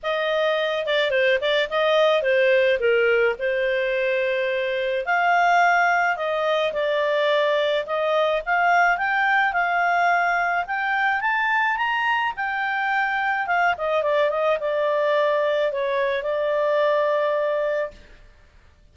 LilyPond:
\new Staff \with { instrumentName = "clarinet" } { \time 4/4 \tempo 4 = 107 dis''4. d''8 c''8 d''8 dis''4 | c''4 ais'4 c''2~ | c''4 f''2 dis''4 | d''2 dis''4 f''4 |
g''4 f''2 g''4 | a''4 ais''4 g''2 | f''8 dis''8 d''8 dis''8 d''2 | cis''4 d''2. | }